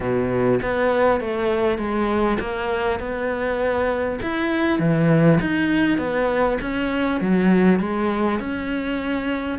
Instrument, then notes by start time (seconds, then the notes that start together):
cello
0.00 B2
0.61 B3
1.20 A3
1.78 G#3
2.40 A#3
2.99 B3
4.21 E4
4.79 E3
5.40 D#4
5.98 B3
6.61 C#4
7.20 F#3
7.79 G#3
8.39 C#4